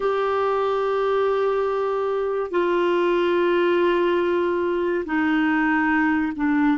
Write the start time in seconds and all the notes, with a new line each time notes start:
0.00 G4
2.50 F4
5.05 D#4
6.36 D4